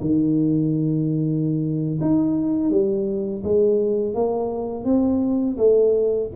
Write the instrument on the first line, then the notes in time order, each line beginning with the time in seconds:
tuba
0.00 D#3
2.00 D#4
2.70 G3
3.43 G#3
4.14 A#3
4.84 C4
5.57 A3